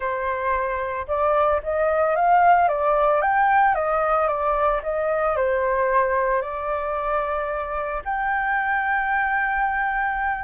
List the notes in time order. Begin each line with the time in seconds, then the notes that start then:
0.00 C5
1.07 D5
1.63 D#5
2.15 F5
2.68 D5
3.21 G5
3.74 D#5
4.27 D5
4.83 D#5
5.36 C5
6.41 D5
8.04 G5